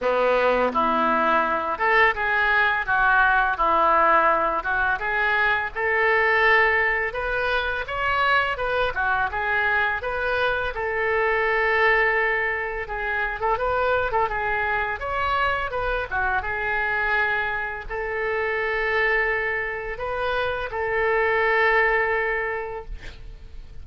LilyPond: \new Staff \with { instrumentName = "oboe" } { \time 4/4 \tempo 4 = 84 b4 e'4. a'8 gis'4 | fis'4 e'4. fis'8 gis'4 | a'2 b'4 cis''4 | b'8 fis'8 gis'4 b'4 a'4~ |
a'2 gis'8. a'16 b'8. a'16 | gis'4 cis''4 b'8 fis'8 gis'4~ | gis'4 a'2. | b'4 a'2. | }